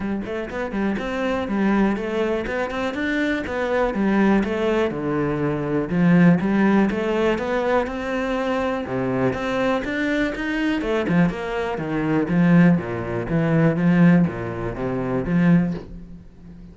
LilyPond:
\new Staff \with { instrumentName = "cello" } { \time 4/4 \tempo 4 = 122 g8 a8 b8 g8 c'4 g4 | a4 b8 c'8 d'4 b4 | g4 a4 d2 | f4 g4 a4 b4 |
c'2 c4 c'4 | d'4 dis'4 a8 f8 ais4 | dis4 f4 ais,4 e4 | f4 ais,4 c4 f4 | }